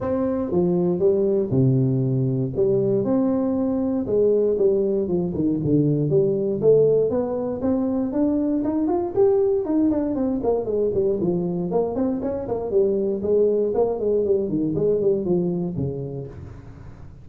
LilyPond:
\new Staff \with { instrumentName = "tuba" } { \time 4/4 \tempo 4 = 118 c'4 f4 g4 c4~ | c4 g4 c'2 | gis4 g4 f8 dis8 d4 | g4 a4 b4 c'4 |
d'4 dis'8 f'8 g'4 dis'8 d'8 | c'8 ais8 gis8 g8 f4 ais8 c'8 | cis'8 ais8 g4 gis4 ais8 gis8 | g8 dis8 gis8 g8 f4 cis4 | }